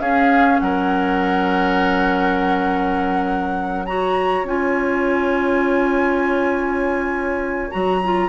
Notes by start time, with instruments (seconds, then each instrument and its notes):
0.00 bassoon C#4, clarinet C#4, oboe G#4, flute F5
0.60 bassoon F#3, oboe A#4, flute F#5
3.86 clarinet F#4, oboe C#5, flute A#5
4.43 bassoon C#4, clarinet F4, flute G#5
7.71 bassoon F#3, clarinet F#4, flute A#5
8.04 clarinet F4